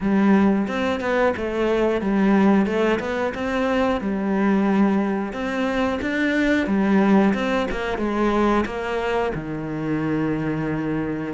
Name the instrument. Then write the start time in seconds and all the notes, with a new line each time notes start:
cello
0.00 G3
0.67 C4
1.00 B3
1.36 A3
2.01 G3
2.65 A3
2.99 B3
3.34 C4
4.01 G3
5.32 C4
6.01 D4
6.67 G3
7.33 C4
7.71 A#3
7.98 G#3
8.65 A#3
9.34 D#3